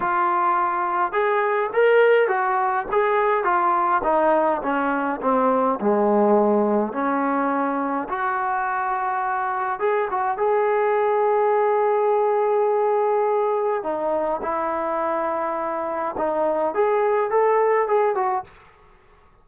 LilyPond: \new Staff \with { instrumentName = "trombone" } { \time 4/4 \tempo 4 = 104 f'2 gis'4 ais'4 | fis'4 gis'4 f'4 dis'4 | cis'4 c'4 gis2 | cis'2 fis'2~ |
fis'4 gis'8 fis'8 gis'2~ | gis'1 | dis'4 e'2. | dis'4 gis'4 a'4 gis'8 fis'8 | }